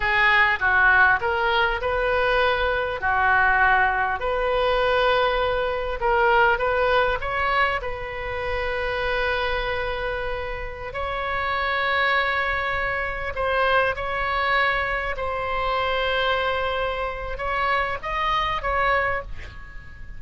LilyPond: \new Staff \with { instrumentName = "oboe" } { \time 4/4 \tempo 4 = 100 gis'4 fis'4 ais'4 b'4~ | b'4 fis'2 b'4~ | b'2 ais'4 b'4 | cis''4 b'2.~ |
b'2~ b'16 cis''4.~ cis''16~ | cis''2~ cis''16 c''4 cis''8.~ | cis''4~ cis''16 c''2~ c''8.~ | c''4 cis''4 dis''4 cis''4 | }